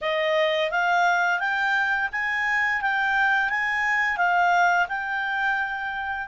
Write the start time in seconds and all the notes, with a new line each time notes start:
0.01 D#5
0.70 F5
1.39 G5
2.12 G#5
2.81 G5
3.49 G#5
4.17 F5
4.88 G5